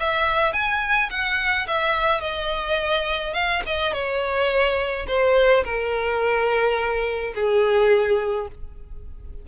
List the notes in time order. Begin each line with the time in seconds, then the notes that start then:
0.00 E5
0.53 G#5
1.10 F#5
1.68 E5
2.21 D#5
3.34 F5
3.66 D#5
3.93 C#5
5.08 C5
5.64 A#4
7.35 G#4